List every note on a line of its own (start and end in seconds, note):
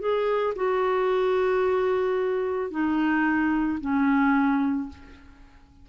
0.00 0.54 G#4
0.56 2.71 F#4
2.71 3.79 D#4
3.81 4.89 C#4